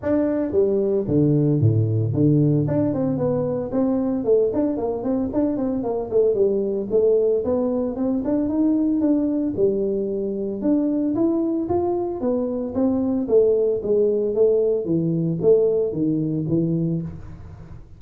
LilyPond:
\new Staff \with { instrumentName = "tuba" } { \time 4/4 \tempo 4 = 113 d'4 g4 d4 a,4 | d4 d'8 c'8 b4 c'4 | a8 d'8 ais8 c'8 d'8 c'8 ais8 a8 | g4 a4 b4 c'8 d'8 |
dis'4 d'4 g2 | d'4 e'4 f'4 b4 | c'4 a4 gis4 a4 | e4 a4 dis4 e4 | }